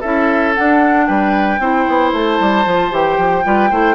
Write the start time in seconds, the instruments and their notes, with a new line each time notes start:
0.00 bassoon C#4, clarinet E4, oboe A4, flute E5
0.54 clarinet D4, bassoon D4, flute F#5
1.06 bassoon G3, oboe B4, flute G5
1.59 bassoon C4, clarinet E4, oboe C5
1.88 bassoon B3
2.12 bassoon A3, flute A5
2.40 bassoon G3
2.65 bassoon F3, clarinet F4
2.91 bassoon E3, clarinet G4, flute G5
3.17 bassoon F3
3.44 bassoon G3, clarinet F4, oboe B4
3.70 bassoon A3, clarinet E4, oboe C5